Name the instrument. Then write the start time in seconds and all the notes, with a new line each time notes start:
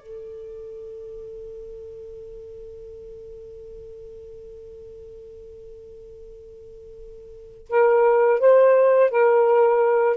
saxophone
0.00 A4
7.69 A#4
8.40 C5
9.11 A#4